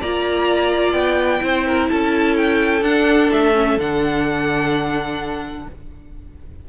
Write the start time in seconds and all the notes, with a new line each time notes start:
0.00 A#3 F4 D5 A#5
0.91 B3 G5
1.39 C4 E4 C5
1.66 A#4
1.89 C#4 A4 A5
2.37 G5
2.81 D4 F#5
3.32 A3 E5
3.54 C#4
3.77 D3 D4 F#5